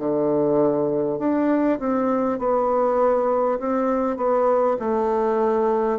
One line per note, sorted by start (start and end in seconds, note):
0.00 1.19 D3
1.19 1.79 D4
1.80 2.39 C4
2.39 3.59 B3
3.60 4.17 C4
4.17 4.77 B3
4.80 5.99 A3